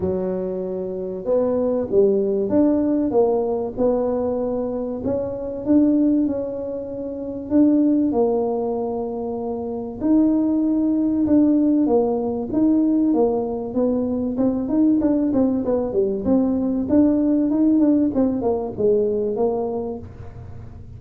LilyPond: \new Staff \with { instrumentName = "tuba" } { \time 4/4 \tempo 4 = 96 fis2 b4 g4 | d'4 ais4 b2 | cis'4 d'4 cis'2 | d'4 ais2. |
dis'2 d'4 ais4 | dis'4 ais4 b4 c'8 dis'8 | d'8 c'8 b8 g8 c'4 d'4 | dis'8 d'8 c'8 ais8 gis4 ais4 | }